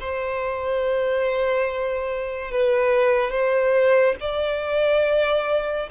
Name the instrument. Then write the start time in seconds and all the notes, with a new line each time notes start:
violin
0.00 C5
2.52 B4
3.31 C5
4.21 D5